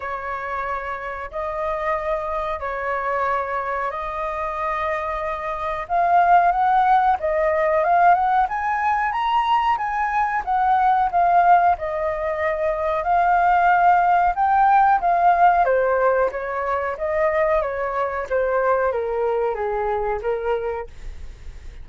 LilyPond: \new Staff \with { instrumentName = "flute" } { \time 4/4 \tempo 4 = 92 cis''2 dis''2 | cis''2 dis''2~ | dis''4 f''4 fis''4 dis''4 | f''8 fis''8 gis''4 ais''4 gis''4 |
fis''4 f''4 dis''2 | f''2 g''4 f''4 | c''4 cis''4 dis''4 cis''4 | c''4 ais'4 gis'4 ais'4 | }